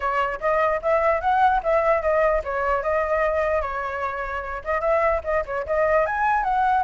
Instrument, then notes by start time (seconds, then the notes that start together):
flute
0.00 C#5
0.40 D#5
0.82 E5
1.20 F#5
1.63 E5
2.02 D#5
2.44 C#5
2.82 D#5
3.61 C#5
4.64 D#5
4.80 E5
5.23 D#5
5.45 C#5
5.66 D#5
6.06 G#5
6.43 F#5